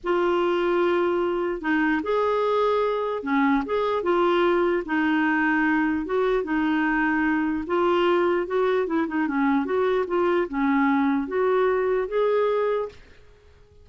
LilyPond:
\new Staff \with { instrumentName = "clarinet" } { \time 4/4 \tempo 4 = 149 f'1 | dis'4 gis'2. | cis'4 gis'4 f'2 | dis'2. fis'4 |
dis'2. f'4~ | f'4 fis'4 e'8 dis'8 cis'4 | fis'4 f'4 cis'2 | fis'2 gis'2 | }